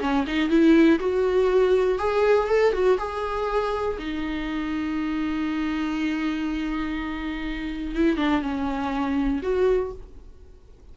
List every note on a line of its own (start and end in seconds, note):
0.00 0.25 C#4
0.27 0.49 D#4
0.49 0.99 E4
0.99 1.98 F#4
1.99 2.48 G#4
2.48 2.73 A4
2.73 2.98 F#4
2.98 3.97 G#4
3.98 7.95 D#4
7.95 8.17 E4
8.17 8.41 D4
8.41 9.41 C#4
9.43 9.92 F#4